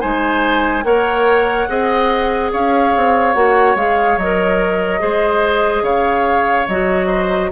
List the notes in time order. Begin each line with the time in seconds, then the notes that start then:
0.00 G#3 D#4 C5 G#5
0.84 A#3 A#4 C#5 F#5
1.68 C4 G#4 D#5
2.52 C#4 C#5 F5
2.96 C4
3.34 A#3 F#4 F#5
3.75 G#3 G#4 F5
4.17 F#3 A#4 D#5
4.99 G#3 G#4 C5
5.82 C#3 C#5 F5
6.68 F#3 F#4 D#5
7.07 C5